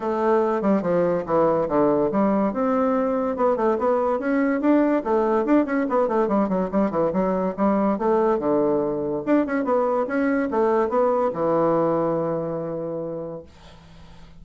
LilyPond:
\new Staff \with { instrumentName = "bassoon" } { \time 4/4 \tempo 4 = 143 a4. g8 f4 e4 | d4 g4 c'2 | b8 a8 b4 cis'4 d'4 | a4 d'8 cis'8 b8 a8 g8 fis8 |
g8 e8 fis4 g4 a4 | d2 d'8 cis'8 b4 | cis'4 a4 b4 e4~ | e1 | }